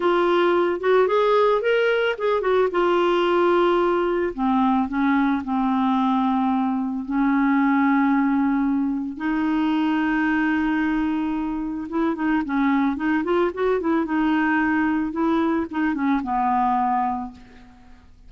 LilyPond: \new Staff \with { instrumentName = "clarinet" } { \time 4/4 \tempo 4 = 111 f'4. fis'8 gis'4 ais'4 | gis'8 fis'8 f'2. | c'4 cis'4 c'2~ | c'4 cis'2.~ |
cis'4 dis'2.~ | dis'2 e'8 dis'8 cis'4 | dis'8 f'8 fis'8 e'8 dis'2 | e'4 dis'8 cis'8 b2 | }